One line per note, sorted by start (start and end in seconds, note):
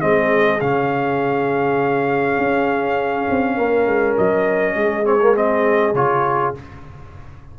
0.00 0.61 G#3
0.00 0.59 C4
0.00 3.56 G#4
0.00 0.60 D#5
0.60 2.38 C#3
0.60 5.04 C#4
0.60 4.17 F5
2.38 3.27 C#4
3.30 3.57 C4
3.56 3.86 A#3
3.56 4.75 A#4
3.86 4.16 G#3
4.17 4.74 F#3
4.17 5.06 D#5
4.74 5.93 G#3
4.74 6.58 G#4
5.04 5.19 C4
5.04 5.35 C#5
5.21 5.34 A#3
5.34 5.93 C4
5.34 5.95 D#5
5.93 6.53 C#3
5.93 6.55 F4
5.93 6.54 C#5